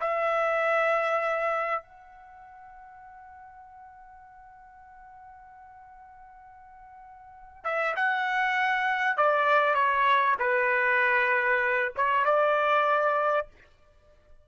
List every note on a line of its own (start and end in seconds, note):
0.00 1.82 E5
1.82 7.64 F#5
7.64 7.94 E5
7.96 9.17 F#5
9.17 9.74 D5
9.74 10.36 C#5
10.39 11.92 B4
11.96 12.24 C#5
12.24 13.47 D5